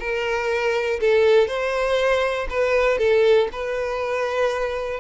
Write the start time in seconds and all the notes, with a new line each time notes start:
0.00 A#4
1.00 A4
1.47 C5
2.50 B4
2.98 A4
3.52 B4